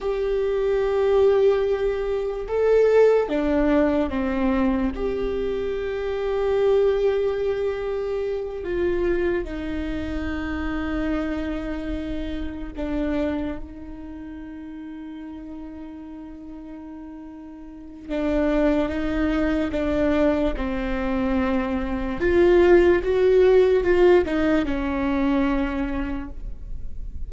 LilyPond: \new Staff \with { instrumentName = "viola" } { \time 4/4 \tempo 4 = 73 g'2. a'4 | d'4 c'4 g'2~ | g'2~ g'8 f'4 dis'8~ | dis'2.~ dis'8 d'8~ |
d'8 dis'2.~ dis'8~ | dis'2 d'4 dis'4 | d'4 c'2 f'4 | fis'4 f'8 dis'8 cis'2 | }